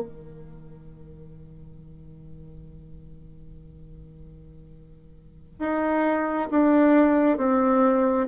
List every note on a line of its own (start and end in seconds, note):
0.00 5.59 D#3
5.59 6.48 D#4
6.50 7.38 D4
7.38 8.27 C4